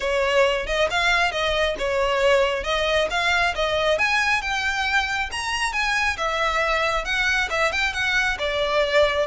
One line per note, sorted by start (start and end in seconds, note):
0.00 0.66 C#5
0.66 0.88 D#5
0.90 1.31 F5
1.31 1.75 D#5
1.78 2.63 C#5
2.63 3.07 D#5
3.10 3.54 F5
3.55 3.98 D#5
3.98 4.41 G#5
4.41 5.29 G5
5.31 5.72 A#5
5.72 6.16 G#5
6.17 7.04 E5
7.04 7.48 F#5
7.50 7.72 E5
7.72 7.93 G5
7.93 8.37 F#5
8.38 9.26 D5